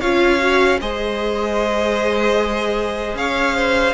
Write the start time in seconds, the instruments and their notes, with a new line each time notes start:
0.00 cello C#4, viola F4, violin C#5 F5
0.39 viola F#4
0.81 cello G#3, viola G#4, violin C5 D#5
3.14 cello C#4, violin C#5 F5
3.56 violin C5